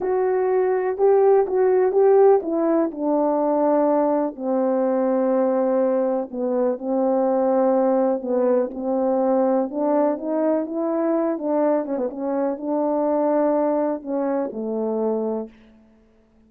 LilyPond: \new Staff \with { instrumentName = "horn" } { \time 4/4 \tempo 4 = 124 fis'2 g'4 fis'4 | g'4 e'4 d'2~ | d'4 c'2.~ | c'4 b4 c'2~ |
c'4 b4 c'2 | d'4 dis'4 e'4. d'8~ | d'8 cis'16 b16 cis'4 d'2~ | d'4 cis'4 a2 | }